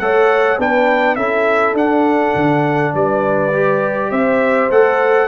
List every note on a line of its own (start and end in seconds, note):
0.00 0.59 A3
0.00 0.59 A4
0.00 0.59 C#5
0.00 0.59 F#5
0.59 1.17 B3
0.59 1.18 D4
0.59 1.17 B4
0.59 1.16 G5
1.16 1.74 C#4
1.16 1.76 E4
1.16 2.94 A4
1.16 1.75 E5
1.74 2.33 D4
1.74 3.53 D4
1.74 2.95 F#5
2.36 2.94 D3
2.94 4.12 G3
2.94 4.11 B4
2.94 4.12 D5
3.53 4.71 G4
4.11 4.70 C4
4.11 5.28 C5
4.11 4.70 E5
4.71 5.28 A3
4.71 5.28 A4
4.71 5.28 F#5